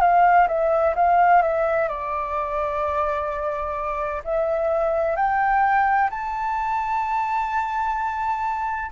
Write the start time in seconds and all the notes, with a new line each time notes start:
0.00 F5
0.47 E5
0.95 F5
1.41 E5
1.88 D5
4.24 E5
5.16 G5
6.10 A5